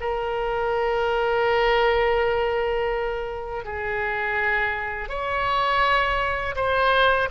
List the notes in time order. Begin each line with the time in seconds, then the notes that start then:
0.00 A#4
3.65 G#4
5.09 C#5
6.55 C5